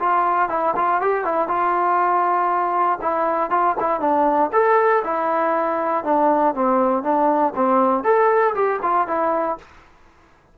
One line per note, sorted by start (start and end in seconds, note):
0.00 0.50 F4
0.50 0.75 E4
0.76 1.01 F4
1.02 1.25 G4
1.25 1.48 E4
1.48 3.00 F4
3.02 3.51 E4
3.51 3.76 F4
3.80 4.01 E4
4.01 4.51 D4
4.53 5.03 A4
5.05 6.05 E4
6.05 6.55 D4
6.55 7.04 C4
7.04 7.54 D4
7.56 8.04 C4
8.04 8.55 A4
8.55 8.80 G4
8.83 9.08 F4
9.08 9.58 E4